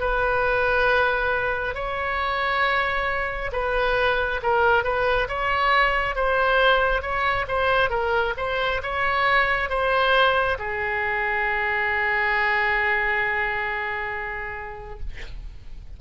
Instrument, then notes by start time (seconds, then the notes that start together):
oboe
0.00 B4
1.75 C#5
3.53 B4
4.43 A#4
4.84 B4
5.29 C#5
6.16 C5
7.02 C#5
7.48 C5
7.90 A#4
8.37 C5
8.83 C#5
9.70 C5
10.59 G#4